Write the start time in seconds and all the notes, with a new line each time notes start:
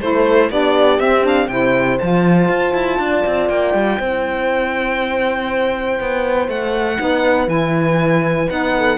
0.00 A3 E4 A4 C5
0.50 B3 D4 G4 D5
0.99 C4 E5
1.23 D4 F5
1.48 C3 E4 C5 G5
1.99 F3 F4 A5
2.49 F4
2.74 E4
2.99 D4 D5
3.26 C4
3.49 A#3 G5
3.74 G3
3.99 C4 E4 C5
6.00 B3
6.48 A3 F#5
6.98 B3 D#4 B4
7.47 E3 E4 G#5
8.49 B3 D#4 F#5
8.77 A4